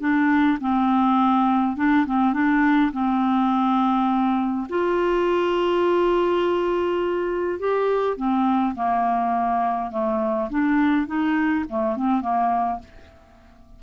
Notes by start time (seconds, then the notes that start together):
0.00 D4
0.60 C4
1.76 D4
2.06 C4
2.33 D4
2.92 C4
4.69 F4
7.59 G4
8.16 C4
8.75 A#3
9.91 A3
10.50 D4
11.06 D#4
11.68 A3
11.96 C4
12.21 A#3